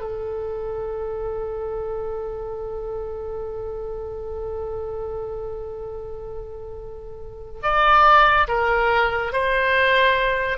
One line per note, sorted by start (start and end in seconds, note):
0.00 7.61 A4
7.62 8.47 D5
8.47 9.32 A#4
9.32 10.57 C5